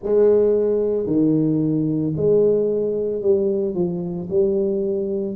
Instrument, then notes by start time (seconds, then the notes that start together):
tuba
0.03 G#3
1.06 D#3
2.16 G#3
3.21 G3
3.74 F3
4.29 G3